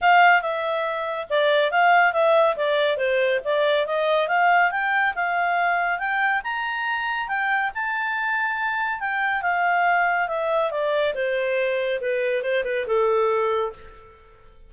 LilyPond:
\new Staff \with { instrumentName = "clarinet" } { \time 4/4 \tempo 4 = 140 f''4 e''2 d''4 | f''4 e''4 d''4 c''4 | d''4 dis''4 f''4 g''4 | f''2 g''4 ais''4~ |
ais''4 g''4 a''2~ | a''4 g''4 f''2 | e''4 d''4 c''2 | b'4 c''8 b'8 a'2 | }